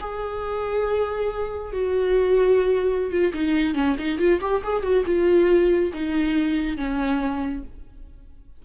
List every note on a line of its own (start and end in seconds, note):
0.00 1.72 G#4
1.72 3.11 F#4
3.11 3.33 F4
3.34 3.74 D#4
3.74 3.96 C#4
3.99 4.18 D#4
4.18 4.40 F4
4.41 4.62 G4
4.63 4.82 G#4
4.82 5.04 F#4
5.06 5.92 F4
5.93 6.77 D#4
6.77 7.63 C#4